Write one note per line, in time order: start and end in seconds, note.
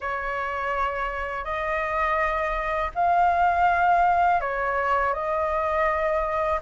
0.00 1.44 C#5
1.44 2.90 D#5
2.94 4.40 F5
4.40 5.13 C#5
5.13 6.60 D#5